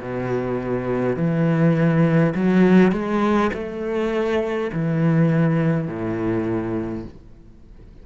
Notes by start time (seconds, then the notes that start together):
0.00 B2
1.16 E3
2.35 F#3
2.91 G#3
3.53 A3
4.73 E3
5.87 A2